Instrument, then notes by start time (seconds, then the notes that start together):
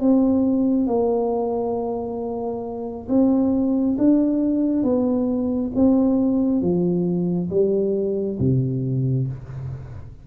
tuba
0.00 C4
0.87 A#3
3.09 C4
3.98 D4
4.83 B3
5.75 C4
6.61 F3
7.50 G3
8.39 C3